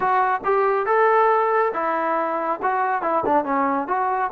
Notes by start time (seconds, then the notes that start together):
0.00 F#4
0.44 G4
0.86 A4
1.73 E4
2.62 F#4
3.02 E4
3.25 D4
3.44 C#4
3.87 F#4